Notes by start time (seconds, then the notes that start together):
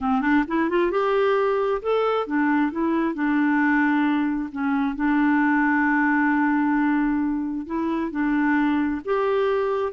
0.00 C4
0.21 D4
0.47 E4
0.69 F4
0.91 G4
1.82 A4
2.27 D4
2.71 E4
3.14 D4
4.51 C#4
4.95 D4
7.66 E4
8.11 D4
9.05 G4